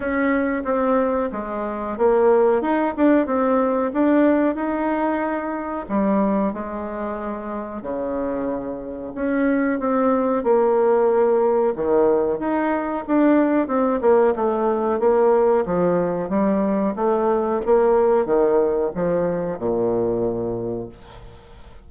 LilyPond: \new Staff \with { instrumentName = "bassoon" } { \time 4/4 \tempo 4 = 92 cis'4 c'4 gis4 ais4 | dis'8 d'8 c'4 d'4 dis'4~ | dis'4 g4 gis2 | cis2 cis'4 c'4 |
ais2 dis4 dis'4 | d'4 c'8 ais8 a4 ais4 | f4 g4 a4 ais4 | dis4 f4 ais,2 | }